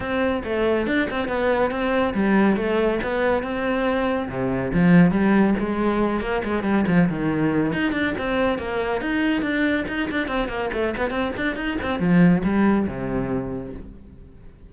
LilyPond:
\new Staff \with { instrumentName = "cello" } { \time 4/4 \tempo 4 = 140 c'4 a4 d'8 c'8 b4 | c'4 g4 a4 b4 | c'2 c4 f4 | g4 gis4. ais8 gis8 g8 |
f8 dis4. dis'8 d'8 c'4 | ais4 dis'4 d'4 dis'8 d'8 | c'8 ais8 a8 b8 c'8 d'8 dis'8 c'8 | f4 g4 c2 | }